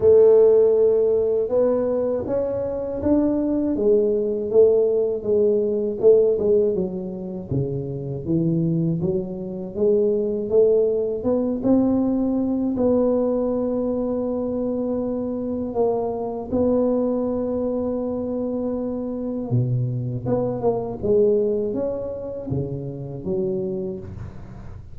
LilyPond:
\new Staff \with { instrumentName = "tuba" } { \time 4/4 \tempo 4 = 80 a2 b4 cis'4 | d'4 gis4 a4 gis4 | a8 gis8 fis4 cis4 e4 | fis4 gis4 a4 b8 c'8~ |
c'4 b2.~ | b4 ais4 b2~ | b2 b,4 b8 ais8 | gis4 cis'4 cis4 fis4 | }